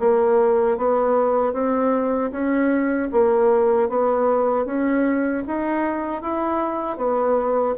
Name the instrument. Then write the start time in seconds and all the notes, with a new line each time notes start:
bassoon
0.00 A#3
0.78 B3
1.53 C4
2.32 C#4
3.12 A#3
3.89 B3
4.66 C#4
5.47 D#4
6.22 E4
6.97 B3